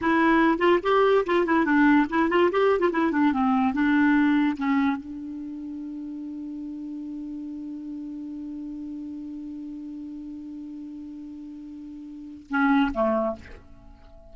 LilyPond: \new Staff \with { instrumentName = "clarinet" } { \time 4/4 \tempo 4 = 144 e'4. f'8 g'4 f'8 e'8 | d'4 e'8 f'8 g'8. f'16 e'8 d'8 | c'4 d'2 cis'4 | d'1~ |
d'1~ | d'1~ | d'1~ | d'2 cis'4 a4 | }